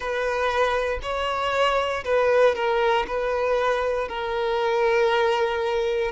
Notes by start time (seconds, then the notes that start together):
0.00 B4
1.02 C#5
2.04 B4
2.55 A#4
3.07 B4
4.08 A#4